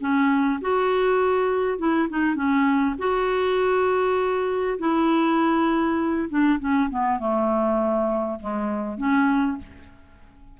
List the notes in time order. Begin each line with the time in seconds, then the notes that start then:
0.00 C#4
0.61 F#4
1.78 E4
2.09 D#4
2.35 C#4
2.98 F#4
4.79 E4
6.29 D4
6.60 C#4
6.90 B3
7.19 A3
8.40 G#3
8.98 C#4